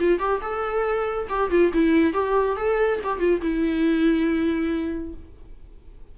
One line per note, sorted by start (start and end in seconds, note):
0.00 0.19 F4
0.19 0.41 G4
0.42 1.28 A4
1.29 1.51 G4
1.51 1.72 F4
1.73 2.13 E4
2.13 2.57 G4
2.57 3.00 A4
3.04 3.19 G4
3.19 3.41 F4
3.42 5.14 E4